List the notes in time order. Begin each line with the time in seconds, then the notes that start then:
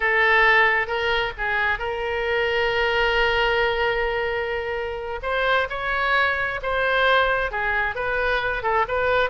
0.00 A4
0.87 A#4
1.37 G#4
1.79 A#4
5.22 C5
5.69 C#5
6.62 C5
7.51 G#4
7.95 B4
8.63 A4
8.87 B4